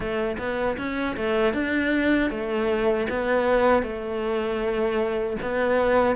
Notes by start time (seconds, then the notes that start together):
0.00 A3
0.38 B3
0.77 C#4
1.16 A3
1.53 D4
2.30 A3
3.09 B3
3.83 A3
5.42 B3